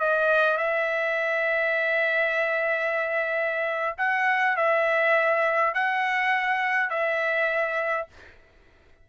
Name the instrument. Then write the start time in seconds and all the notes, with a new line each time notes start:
trumpet
0.00 D#5
0.57 E5
3.98 F#5
4.57 E5
5.74 F#5
6.90 E5